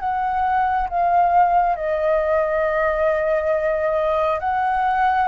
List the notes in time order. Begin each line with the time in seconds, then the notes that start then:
0.00 F#5
0.89 F5
1.76 D#5
4.40 F#5